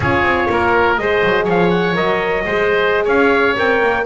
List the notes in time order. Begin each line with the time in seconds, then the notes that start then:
0.00 C#4 F4 G#4 C#5
0.22 C4
0.49 A#3 A#4
0.97 G#3 G#4 C5 D#5
1.23 F#3
1.44 F3 C#5 F5
1.70 F#5
1.94 F#3 A#4 D#5
2.45 G#3 G#4 C5
3.04 C#4 C#5 F5
3.56 C4 A#4 G5
3.82 A#3